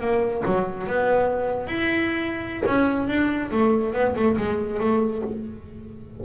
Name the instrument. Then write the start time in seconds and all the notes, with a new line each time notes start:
double bass
0.00 A#3
0.45 F#3
0.87 B3
1.67 E4
2.66 C#4
3.08 D4
3.51 A3
3.93 B3
4.15 A3
4.37 G#3
4.80 A3